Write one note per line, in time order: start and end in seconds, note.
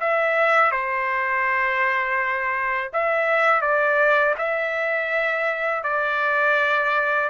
0.00 0.71 E5
0.71 2.90 C5
2.92 3.61 E5
3.61 4.34 D5
4.38 5.83 E5
5.83 7.29 D5